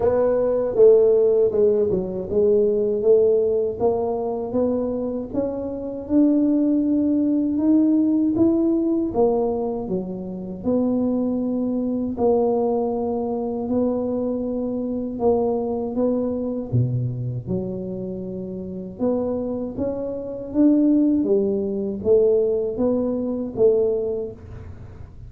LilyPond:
\new Staff \with { instrumentName = "tuba" } { \time 4/4 \tempo 4 = 79 b4 a4 gis8 fis8 gis4 | a4 ais4 b4 cis'4 | d'2 dis'4 e'4 | ais4 fis4 b2 |
ais2 b2 | ais4 b4 b,4 fis4~ | fis4 b4 cis'4 d'4 | g4 a4 b4 a4 | }